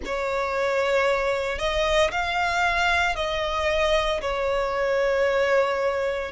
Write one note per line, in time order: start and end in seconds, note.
0.05 1.58 C#5
1.58 2.11 D#5
2.11 3.15 F5
3.15 4.21 D#5
4.21 6.31 C#5